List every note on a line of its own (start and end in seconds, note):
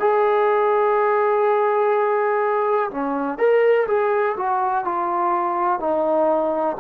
0.00 2.90 G#4
2.90 3.38 C#4
3.38 3.87 A#4
3.87 4.35 G#4
4.36 4.85 F#4
4.85 5.80 F4
5.80 6.77 D#4